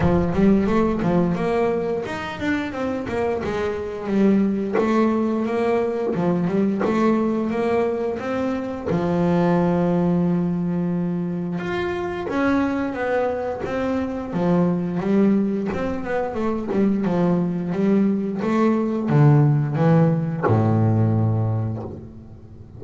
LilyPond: \new Staff \with { instrumentName = "double bass" } { \time 4/4 \tempo 4 = 88 f8 g8 a8 f8 ais4 dis'8 d'8 | c'8 ais8 gis4 g4 a4 | ais4 f8 g8 a4 ais4 | c'4 f2.~ |
f4 f'4 cis'4 b4 | c'4 f4 g4 c'8 b8 | a8 g8 f4 g4 a4 | d4 e4 a,2 | }